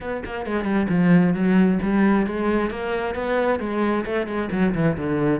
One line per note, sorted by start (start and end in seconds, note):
0.00 0.23 B3
0.25 0.46 A#3
0.46 0.64 G#3
0.64 0.87 G3
0.89 1.34 F3
1.34 1.79 F#3
1.82 2.26 G3
2.26 2.70 G#3
2.70 3.14 A#3
3.14 3.59 B3
3.59 4.04 G#3
4.05 4.26 A3
4.26 4.49 G#3
4.51 4.74 F#3
4.74 4.96 E3
4.97 5.40 D3